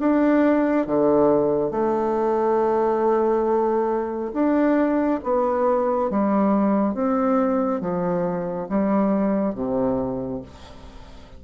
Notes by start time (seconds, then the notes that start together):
0.00 D4
0.87 D3
1.71 A3
4.34 D4
5.24 B3
6.10 G3
6.94 C4
7.81 F3
8.69 G3
9.55 C3